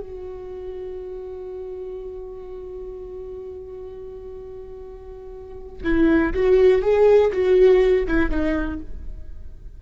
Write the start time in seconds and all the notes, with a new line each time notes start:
0.00 F#4
5.84 E4
6.34 F#4
6.82 G#4
7.33 F#4
8.07 E4
8.31 D#4